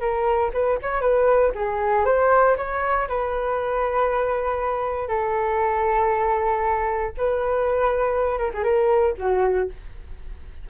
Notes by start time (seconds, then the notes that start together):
0.00 A#4
0.53 B4
0.82 C#5
1.01 B4
1.55 G#4
2.05 C5
2.57 C#5
3.08 B4
5.08 A4
7.17 B4
8.38 A#4
8.54 G#4
8.63 A#4
9.18 F#4